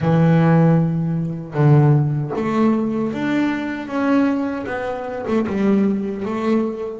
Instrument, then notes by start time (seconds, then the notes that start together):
double bass
0.00 E3
1.53 D3
2.35 A3
3.13 D4
3.87 C#4
4.66 B3
5.27 A3
5.47 G3
6.25 A3